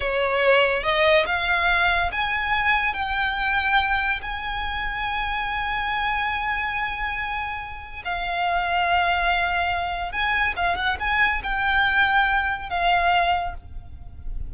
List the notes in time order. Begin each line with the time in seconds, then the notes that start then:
0.00 C#5
0.83 D#5
1.26 F5
2.12 G#5
2.93 G5
4.22 G#5
8.04 F5
10.12 G#5
10.56 F5
10.76 F#5
10.99 G#5
11.43 G5
12.69 F5